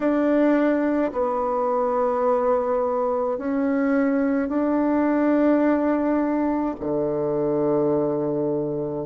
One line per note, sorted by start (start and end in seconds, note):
0.00 1.11 D4
1.12 3.38 B3
3.38 4.49 C#4
4.49 6.75 D4
6.80 9.06 D3